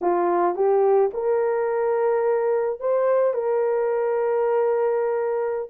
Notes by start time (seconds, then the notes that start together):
0.01 F4
0.55 G4
1.13 A#4
2.80 C5
3.33 A#4